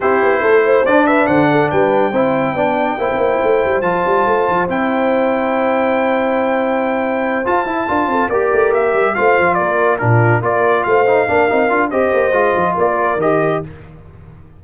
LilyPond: <<
  \new Staff \with { instrumentName = "trumpet" } { \time 4/4 \tempo 4 = 141 c''2 d''8 e''8 fis''4 | g''1~ | g''4 a''2 g''4~ | g''1~ |
g''4. a''2 d''8~ | d''8 e''4 f''4 d''4 ais'8~ | ais'8 d''4 f''2~ f''8 | dis''2 d''4 dis''4 | }
  \new Staff \with { instrumentName = "horn" } { \time 4/4 g'4 a'8 c''4 b'8 c''8 a'8 | b'4 c''4 d''4 c''4~ | c''1~ | c''1~ |
c''2~ c''8 ais'8 a'8 ais'8~ | ais'4. c''4 ais'4 f'8~ | f'8 ais'4 c''4 ais'4. | c''2 ais'2 | }
  \new Staff \with { instrumentName = "trombone" } { \time 4/4 e'2 d'2~ | d'4 e'4 d'4 e'4~ | e'4 f'2 e'4~ | e'1~ |
e'4. f'8 e'8 f'4 g'8~ | g'4. f'2 d'8~ | d'8 f'4. dis'8 d'8 dis'8 f'8 | g'4 f'2 g'4 | }
  \new Staff \with { instrumentName = "tuba" } { \time 4/4 c'8 b8 a4 d'4 d4 | g4 c'4 b4 ais16 c'16 ais8 | a8 g8 f8 g8 a8 f8 c'4~ | c'1~ |
c'4. f'8 e'8 d'8 c'8 ais8 | a8 ais8 g8 a8 f8 ais4 ais,8~ | ais,8 ais4 a4 ais8 c'8 d'8 | c'8 ais8 gis8 f8 ais4 dis4 | }
>>